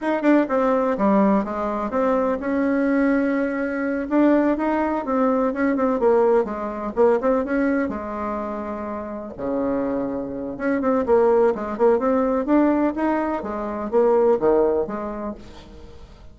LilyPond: \new Staff \with { instrumentName = "bassoon" } { \time 4/4 \tempo 4 = 125 dis'8 d'8 c'4 g4 gis4 | c'4 cis'2.~ | cis'8 d'4 dis'4 c'4 cis'8 | c'8 ais4 gis4 ais8 c'8 cis'8~ |
cis'8 gis2. cis8~ | cis2 cis'8 c'8 ais4 | gis8 ais8 c'4 d'4 dis'4 | gis4 ais4 dis4 gis4 | }